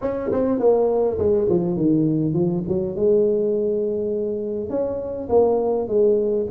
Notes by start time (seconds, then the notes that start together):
0.01 C#4
0.31 C4
0.59 A#3
1.18 G#3
1.49 F3
1.76 D#3
2.33 F3
2.67 F#3
2.95 G#3
4.69 C#4
5.29 A#3
5.88 G#3